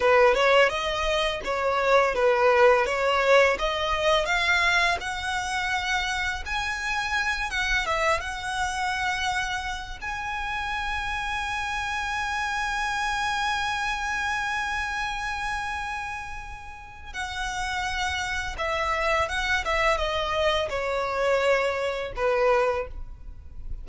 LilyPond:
\new Staff \with { instrumentName = "violin" } { \time 4/4 \tempo 4 = 84 b'8 cis''8 dis''4 cis''4 b'4 | cis''4 dis''4 f''4 fis''4~ | fis''4 gis''4. fis''8 e''8 fis''8~ | fis''2 gis''2~ |
gis''1~ | gis''1 | fis''2 e''4 fis''8 e''8 | dis''4 cis''2 b'4 | }